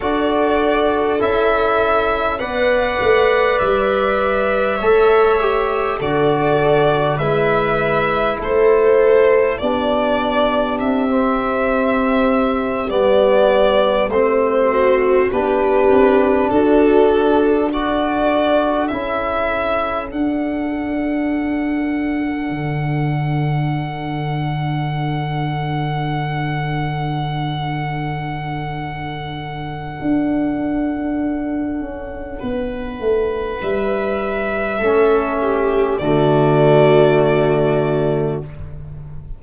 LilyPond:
<<
  \new Staff \with { instrumentName = "violin" } { \time 4/4 \tempo 4 = 50 d''4 e''4 fis''4 e''4~ | e''4 d''4 e''4 c''4 | d''4 e''4.~ e''16 d''4 c''16~ | c''8. b'4 a'4 d''4 e''16~ |
e''8. fis''2.~ fis''16~ | fis''1~ | fis''1 | e''2 d''2 | }
  \new Staff \with { instrumentName = "viola" } { \time 4/4 a'2 d''2 | cis''4 a'4 b'4 a'4 | g'1~ | g'16 fis'8 g'4 fis'4 a'4~ a'16~ |
a'1~ | a'1~ | a'2. b'4~ | b'4 a'8 g'8 fis'2 | }
  \new Staff \with { instrumentName = "trombone" } { \time 4/4 fis'4 e'4 b'2 | a'8 g'8 fis'4 e'2 | d'4~ d'16 c'4. b4 c'16~ | c'8. d'2 fis'4 e'16~ |
e'8. d'2.~ d'16~ | d'1~ | d'1~ | d'4 cis'4 a2 | }
  \new Staff \with { instrumentName = "tuba" } { \time 4/4 d'4 cis'4 b8 a8 g4 | a4 d4 gis4 a4 | b4 c'4.~ c'16 g4 a16~ | a8. b8 c'8 d'2 cis'16~ |
cis'8. d'2 d4~ d16~ | d1~ | d4 d'4. cis'8 b8 a8 | g4 a4 d2 | }
>>